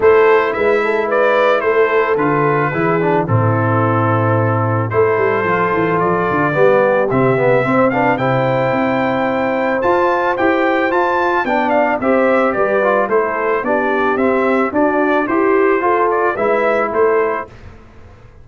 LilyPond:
<<
  \new Staff \with { instrumentName = "trumpet" } { \time 4/4 \tempo 4 = 110 c''4 e''4 d''4 c''4 | b'2 a'2~ | a'4 c''2 d''4~ | d''4 e''4. f''8 g''4~ |
g''2 a''4 g''4 | a''4 g''8 f''8 e''4 d''4 | c''4 d''4 e''4 d''4 | c''4. d''8 e''4 c''4 | }
  \new Staff \with { instrumentName = "horn" } { \time 4/4 a'4 b'8 a'8 b'4 a'4~ | a'4 gis'4 e'2~ | e'4 a'2. | g'2 c''8 b'8 c''4~ |
c''1~ | c''4 d''4 c''4 b'4 | a'4 g'2 fis'4 | g'4 a'4 b'4 a'4 | }
  \new Staff \with { instrumentName = "trombone" } { \time 4/4 e'1 | f'4 e'8 d'8 c'2~ | c'4 e'4 f'2 | b4 c'8 b8 c'8 d'8 e'4~ |
e'2 f'4 g'4 | f'4 d'4 g'4. f'8 | e'4 d'4 c'4 d'4 | g'4 f'4 e'2 | }
  \new Staff \with { instrumentName = "tuba" } { \time 4/4 a4 gis2 a4 | d4 e4 a,2~ | a,4 a8 g8 f8 e8 f8 d8 | g4 c4 c'4 c4 |
c'2 f'4 e'4 | f'4 b4 c'4 g4 | a4 b4 c'4 d'4 | e'4 f'4 gis4 a4 | }
>>